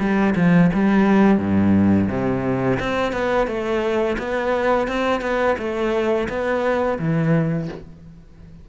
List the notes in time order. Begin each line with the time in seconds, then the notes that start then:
0.00 G3
0.36 F3
0.74 G3
1.39 G2
2.09 C3
2.80 C4
3.13 B3
3.48 A3
4.19 B3
4.88 C4
5.22 B3
5.59 A3
6.29 B3
6.99 E3